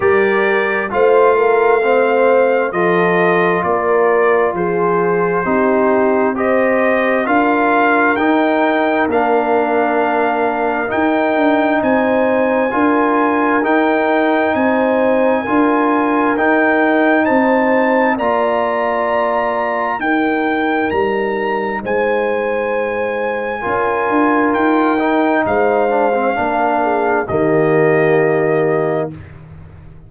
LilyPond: <<
  \new Staff \with { instrumentName = "trumpet" } { \time 4/4 \tempo 4 = 66 d''4 f''2 dis''4 | d''4 c''2 dis''4 | f''4 g''4 f''2 | g''4 gis''2 g''4 |
gis''2 g''4 a''4 | ais''2 g''4 ais''4 | gis''2. g''4 | f''2 dis''2 | }
  \new Staff \with { instrumentName = "horn" } { \time 4/4 ais'4 c''8 ais'8 c''4 a'4 | ais'4 gis'4 g'4 c''4 | ais'1~ | ais'4 c''4 ais'2 |
c''4 ais'2 c''4 | d''2 ais'2 | c''2 ais'2 | c''4 ais'8 gis'8 g'2 | }
  \new Staff \with { instrumentName = "trombone" } { \time 4/4 g'4 f'4 c'4 f'4~ | f'2 dis'4 g'4 | f'4 dis'4 d'2 | dis'2 f'4 dis'4~ |
dis'4 f'4 dis'2 | f'2 dis'2~ | dis'2 f'4. dis'8~ | dis'8 d'16 c'16 d'4 ais2 | }
  \new Staff \with { instrumentName = "tuba" } { \time 4/4 g4 a2 f4 | ais4 f4 c'2 | d'4 dis'4 ais2 | dis'8 d'8 c'4 d'4 dis'4 |
c'4 d'4 dis'4 c'4 | ais2 dis'4 g4 | gis2 cis'8 d'8 dis'4 | gis4 ais4 dis2 | }
>>